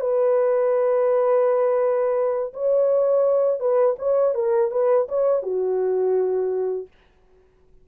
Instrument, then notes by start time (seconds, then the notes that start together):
horn
0.00 B4
2.53 C#5
3.60 B4
3.99 C#5
4.35 A#4
4.71 B4
5.09 C#5
5.43 F#4